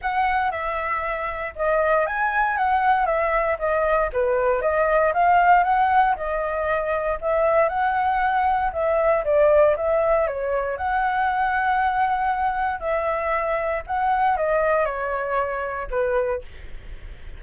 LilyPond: \new Staff \with { instrumentName = "flute" } { \time 4/4 \tempo 4 = 117 fis''4 e''2 dis''4 | gis''4 fis''4 e''4 dis''4 | b'4 dis''4 f''4 fis''4 | dis''2 e''4 fis''4~ |
fis''4 e''4 d''4 e''4 | cis''4 fis''2.~ | fis''4 e''2 fis''4 | dis''4 cis''2 b'4 | }